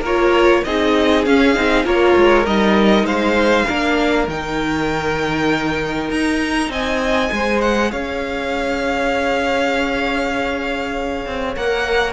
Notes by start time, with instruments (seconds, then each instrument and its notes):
0.00 cello A#3, viola F4, violin A#4 C#5
0.64 cello C4, viola D#4, violin G#4 D#5
1.25 cello C#4, viola C#4, violin F5
1.54 cello C4, viola D#4
1.84 cello A#3, viola F4, violin A#4 C#5
2.16 cello G#3
2.45 cello G3, viola D#4, violin D#5
3.03 cello G#3, violin C5 F5
3.66 cello A#3, viola D4, violin A#4
4.27 cello D#3, viola D#4, violin G5
6.10 cello D#4, violin A#5
6.69 cello C4, violin D#5 G#5
7.28 cello G#3, viola G#4
7.35 violin C5
7.61 violin F#5
7.91 cello C#4, violin C#5 F5
11.26 cello C4
11.56 cello A#3, viola A#4, violin F#5